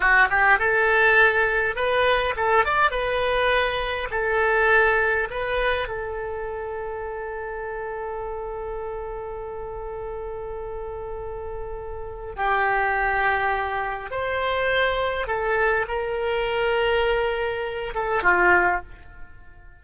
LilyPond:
\new Staff \with { instrumentName = "oboe" } { \time 4/4 \tempo 4 = 102 fis'8 g'8 a'2 b'4 | a'8 d''8 b'2 a'4~ | a'4 b'4 a'2~ | a'1~ |
a'1~ | a'4 g'2. | c''2 a'4 ais'4~ | ais'2~ ais'8 a'8 f'4 | }